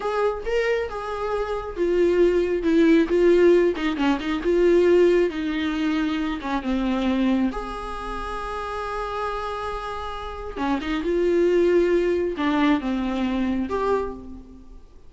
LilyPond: \new Staff \with { instrumentName = "viola" } { \time 4/4 \tempo 4 = 136 gis'4 ais'4 gis'2 | f'2 e'4 f'4~ | f'8 dis'8 cis'8 dis'8 f'2 | dis'2~ dis'8 cis'8 c'4~ |
c'4 gis'2.~ | gis'1 | cis'8 dis'8 f'2. | d'4 c'2 g'4 | }